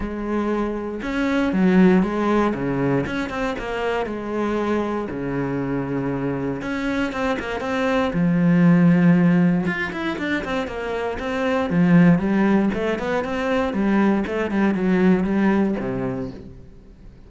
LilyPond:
\new Staff \with { instrumentName = "cello" } { \time 4/4 \tempo 4 = 118 gis2 cis'4 fis4 | gis4 cis4 cis'8 c'8 ais4 | gis2 cis2~ | cis4 cis'4 c'8 ais8 c'4 |
f2. f'8 e'8 | d'8 c'8 ais4 c'4 f4 | g4 a8 b8 c'4 g4 | a8 g8 fis4 g4 c4 | }